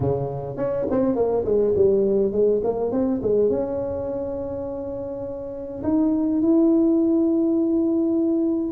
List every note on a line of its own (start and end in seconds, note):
0.00 0.57 C#3
0.57 0.86 C#4
0.90 1.15 C4
1.15 1.44 A#3
1.44 1.73 G#3
1.75 2.31 G3
2.31 2.61 G#3
2.63 2.91 A#3
2.91 3.20 C4
3.22 3.49 G#3
3.49 5.82 C#4
5.83 6.41 D#4
6.41 8.72 E4